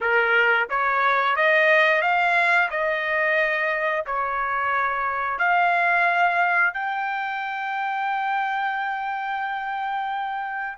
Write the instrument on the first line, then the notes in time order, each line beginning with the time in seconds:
trumpet
0.01 A#4
0.69 C#5
1.36 D#5
2.01 F5
2.70 D#5
4.06 C#5
5.38 F5
6.73 G5